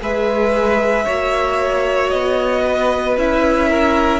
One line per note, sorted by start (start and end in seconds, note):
0.00 1.06 G#3
0.00 1.05 G#4
0.00 1.04 B4
0.00 2.10 E5
1.04 2.12 A#3
1.04 3.17 F#4
1.04 2.62 C#5
2.10 3.17 B3
2.10 3.15 D#5
2.65 3.69 B4
3.17 4.20 C#4
3.17 4.20 E4
3.17 4.20 E5
3.69 4.20 A#4